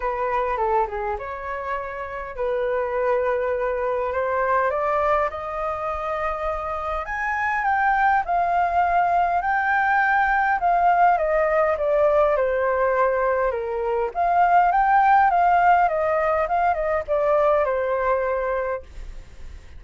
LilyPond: \new Staff \with { instrumentName = "flute" } { \time 4/4 \tempo 4 = 102 b'4 a'8 gis'8 cis''2 | b'2. c''4 | d''4 dis''2. | gis''4 g''4 f''2 |
g''2 f''4 dis''4 | d''4 c''2 ais'4 | f''4 g''4 f''4 dis''4 | f''8 dis''8 d''4 c''2 | }